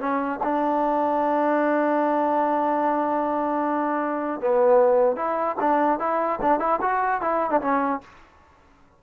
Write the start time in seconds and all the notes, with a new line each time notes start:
0.00 C#4
0.44 D4
4.41 B3
5.16 E4
5.61 D4
6.00 E4
6.42 D4
6.60 E4
6.81 F#4
7.22 E4
7.51 D4
7.61 C#4